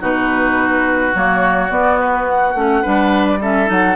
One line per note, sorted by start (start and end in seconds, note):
0.00 1.14 B2
0.00 1.13 D#4
0.00 2.82 F#4
0.00 1.15 B4
1.14 1.70 F#3
1.14 1.69 A#3
1.14 1.71 C#5
1.69 2.54 B3
1.69 2.55 B3
1.69 1.99 D5
1.99 2.27 B4
2.28 3.27 F#5
2.55 2.83 A3
2.55 2.83 C#4
2.82 3.69 G3
2.82 3.39 D4
2.82 3.38 B4
3.27 3.41 D5
3.41 3.66 C#4
3.41 3.96 A4
3.41 3.70 E5
3.66 3.96 F#3
3.66 3.94 D#4
3.66 3.96 F#5